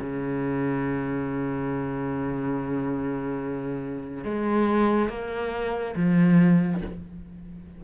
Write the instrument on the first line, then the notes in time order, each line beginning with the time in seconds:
cello
0.00 C#3
4.24 G#3
5.09 A#3
5.96 F3